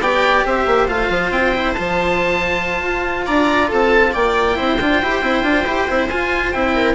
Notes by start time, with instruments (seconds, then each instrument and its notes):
0.00 bassoon B3, cello G4, viola D5, oboe G5
0.46 bassoon C4, viola C5, oboe E5
0.66 bassoon A#3
0.88 bassoon A3, cello F4, oboe F5
1.09 bassoon F3
1.31 bassoon C4, oboe G5
1.54 cello E4
1.74 bassoon F3, cello F4, oboe A5
2.83 bassoon F4
3.26 bassoon D4, viola D5, oboe A#5
3.68 bassoon C4, viola A4, oboe A5
4.13 bassoon A#3, viola D5, oboe G5
4.56 bassoon C4, cello E4, viola C5
4.81 bassoon D4, cello F4
5.02 bassoon E4, cello G4
5.22 bassoon C4, cello E4
5.43 bassoon D4, cello F4
5.66 bassoon E4, cello G4
5.88 bassoon C4, cello E4
6.10 bassoon F4, cello F4, oboe G#5
6.52 bassoon C4, cello E4, oboe G5
6.76 viola A#4